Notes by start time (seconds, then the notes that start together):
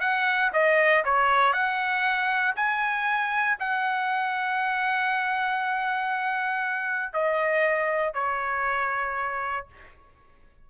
0.00 F#5
0.53 D#5
1.04 C#5
1.53 F#5
2.56 G#5
3.59 F#5
7.13 D#5
8.14 C#5